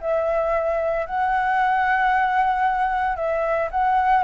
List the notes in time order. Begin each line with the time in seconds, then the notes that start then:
0.00 E5
1.06 F#5
3.16 E5
3.71 F#5